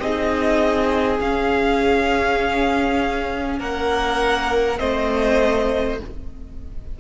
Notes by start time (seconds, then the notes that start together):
0.00 C4 D#4 G#4 D#5
1.19 C#4 F5
3.59 A#3 A#4 F#5
4.78 A3 C4 C5 D#5